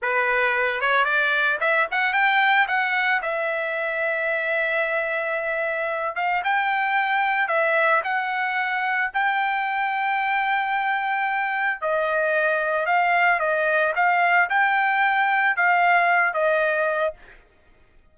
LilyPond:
\new Staff \with { instrumentName = "trumpet" } { \time 4/4 \tempo 4 = 112 b'4. cis''8 d''4 e''8 fis''8 | g''4 fis''4 e''2~ | e''2.~ e''8 f''8 | g''2 e''4 fis''4~ |
fis''4 g''2.~ | g''2 dis''2 | f''4 dis''4 f''4 g''4~ | g''4 f''4. dis''4. | }